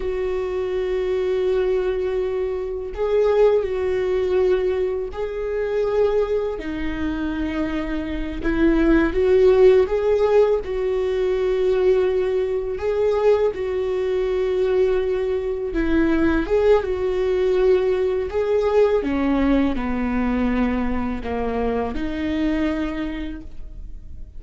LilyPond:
\new Staff \with { instrumentName = "viola" } { \time 4/4 \tempo 4 = 82 fis'1 | gis'4 fis'2 gis'4~ | gis'4 dis'2~ dis'8 e'8~ | e'8 fis'4 gis'4 fis'4.~ |
fis'4. gis'4 fis'4.~ | fis'4. e'4 gis'8 fis'4~ | fis'4 gis'4 cis'4 b4~ | b4 ais4 dis'2 | }